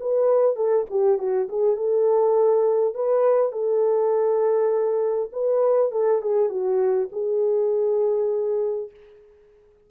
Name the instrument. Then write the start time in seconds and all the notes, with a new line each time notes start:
horn
0.00 B4
0.56 A4
0.90 G4
1.19 F#4
1.49 G#4
1.76 A4
2.94 B4
3.52 A4
5.32 B4
5.92 A4
6.22 G#4
6.49 F#4
7.12 G#4